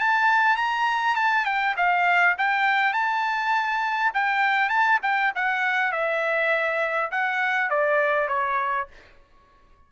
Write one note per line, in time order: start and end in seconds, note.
0.00 0.57 A5
0.57 1.16 A#5
1.16 1.46 A5
1.46 1.75 G5
1.77 2.37 F5
2.38 2.94 G5
2.94 4.12 A5
4.14 4.70 G5
4.70 4.99 A5
5.03 5.32 G5
5.36 5.92 F#5
5.92 7.11 E5
7.12 7.70 F#5
7.70 8.28 D5
8.28 8.88 C#5